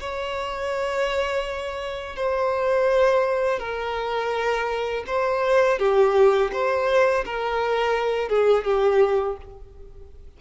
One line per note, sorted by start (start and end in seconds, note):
0.00 2.16 C#5
2.16 3.59 C5
3.59 5.04 A#4
5.07 5.79 C5
5.79 6.51 G4
6.52 7.24 C5
7.25 8.28 A#4
8.28 8.64 G#4
8.64 9.36 G4